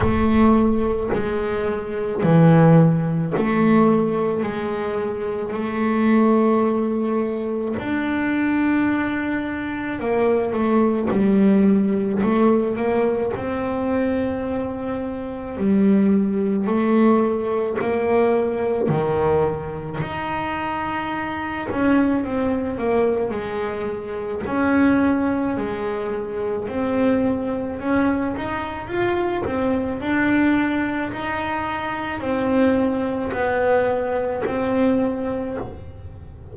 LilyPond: \new Staff \with { instrumentName = "double bass" } { \time 4/4 \tempo 4 = 54 a4 gis4 e4 a4 | gis4 a2 d'4~ | d'4 ais8 a8 g4 a8 ais8 | c'2 g4 a4 |
ais4 dis4 dis'4. cis'8 | c'8 ais8 gis4 cis'4 gis4 | c'4 cis'8 dis'8 f'8 c'8 d'4 | dis'4 c'4 b4 c'4 | }